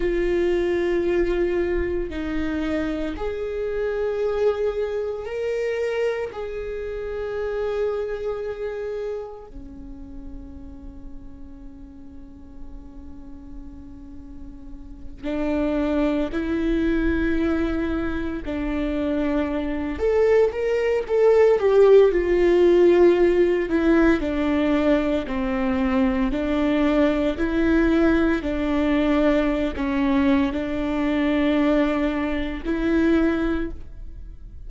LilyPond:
\new Staff \with { instrumentName = "viola" } { \time 4/4 \tempo 4 = 57 f'2 dis'4 gis'4~ | gis'4 ais'4 gis'2~ | gis'4 cis'2.~ | cis'2~ cis'8 d'4 e'8~ |
e'4. d'4. a'8 ais'8 | a'8 g'8 f'4. e'8 d'4 | c'4 d'4 e'4 d'4~ | d'16 cis'8. d'2 e'4 | }